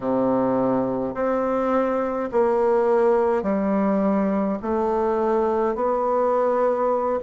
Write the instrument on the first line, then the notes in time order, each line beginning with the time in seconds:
bassoon
0.00 C3
1.14 C4
2.31 A#3
3.42 G3
4.62 A3
5.75 B3